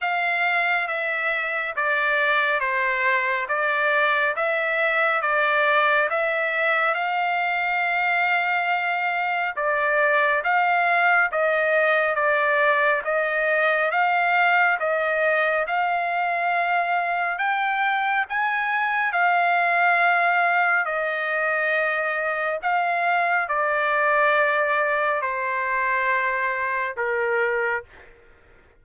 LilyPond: \new Staff \with { instrumentName = "trumpet" } { \time 4/4 \tempo 4 = 69 f''4 e''4 d''4 c''4 | d''4 e''4 d''4 e''4 | f''2. d''4 | f''4 dis''4 d''4 dis''4 |
f''4 dis''4 f''2 | g''4 gis''4 f''2 | dis''2 f''4 d''4~ | d''4 c''2 ais'4 | }